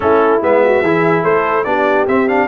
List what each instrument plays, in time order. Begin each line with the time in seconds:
0.00 tuba A3, trombone C#4, horn E4, trumpet A4
0.41 tuba G#3, trombone B3, trumpet E5
0.63 horn F#4
0.82 tuba E3, trombone E4, horn G#4
1.23 tuba A3, horn A4, trumpet C5
1.64 tuba B3, trombone D4, horn G4, trumpet D5
2.07 tuba C4, trombone C4, trumpet E5
2.28 trombone D4, trumpet F5